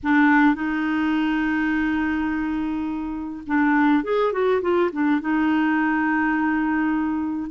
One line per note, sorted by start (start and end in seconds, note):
0.03 0.55 D4
0.55 3.43 D#4
3.46 4.03 D4
4.03 4.32 G#4
4.32 4.61 F#4
4.61 4.90 F4
4.92 5.20 D4
5.20 7.50 D#4